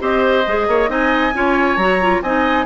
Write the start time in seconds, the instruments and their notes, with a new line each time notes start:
0.00 bassoon C4, clarinet G4, oboe C5, flute D#5
0.47 bassoon G#3, clarinet G#4
0.67 bassoon A#3, oboe C#5
0.88 bassoon C4, clarinet D#4, oboe D#5, flute G#5
1.34 bassoon C#4, clarinet F4, oboe C#5
1.76 bassoon F#3, clarinet F#4, flute A#5
2.01 clarinet F4
2.22 bassoon C4, clarinet D#4, oboe D#5, flute G#5